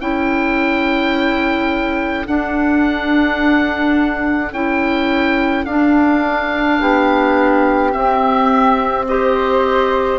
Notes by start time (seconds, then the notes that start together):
0.00 C#4 E4 A4 G5
2.26 D4 F#5
4.52 C#4 E4 G5
5.66 D4 F5
6.81 B3 G4
7.92 C4 E5
9.08 G4 C5 D#5